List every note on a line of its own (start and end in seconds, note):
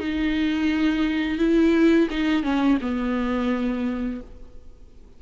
0.00 1.39 D#4
1.39 2.09 E4
2.11 2.44 D#4
2.44 2.78 C#4
2.82 4.21 B3